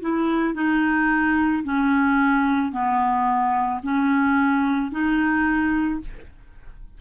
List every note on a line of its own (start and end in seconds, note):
0.00 0.54 E4
0.54 1.63 D#4
1.64 2.71 C#4
2.71 3.80 B3
3.82 4.91 C#4
4.91 6.00 D#4